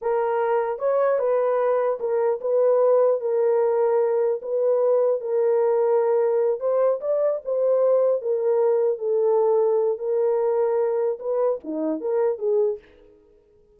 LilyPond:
\new Staff \with { instrumentName = "horn" } { \time 4/4 \tempo 4 = 150 ais'2 cis''4 b'4~ | b'4 ais'4 b'2 | ais'2. b'4~ | b'4 ais'2.~ |
ais'8 c''4 d''4 c''4.~ | c''8 ais'2 a'4.~ | a'4 ais'2. | b'4 dis'4 ais'4 gis'4 | }